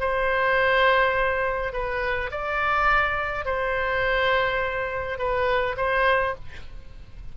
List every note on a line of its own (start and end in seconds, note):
0.00 1.73 C5
1.73 2.31 B4
2.31 3.45 D5
3.45 5.18 C5
5.18 5.76 B4
5.77 6.34 C5